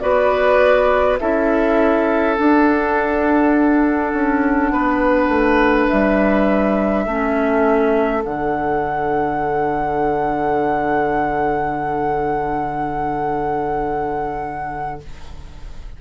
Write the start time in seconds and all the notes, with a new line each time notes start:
0.00 B3 F#4 B4 D5
1.19 C#4 E4 A4 E5
2.36 D4 F#5
4.13 C#4
4.72 B3 B4
5.29 A3
5.88 G3 E5
7.05 A3 C#4 A4
8.24 D3 D4 F#5